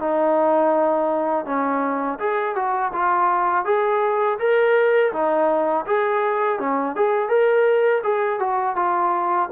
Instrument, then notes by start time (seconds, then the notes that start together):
trombone
0.00 D#4
1.46 C#4
2.20 G#4
2.56 F#4
2.93 F4
3.66 G#4
4.39 A#4
5.13 D#4
5.86 G#4
6.60 C#4
6.96 G#4
7.29 A#4
8.04 G#4
8.39 F#4
8.76 F4